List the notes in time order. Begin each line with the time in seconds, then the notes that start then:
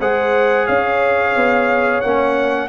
0.00 G#3 G#4 C5 F#5
0.67 C#4 C#5 F5
1.35 B3
2.01 A#3 C#4 F#5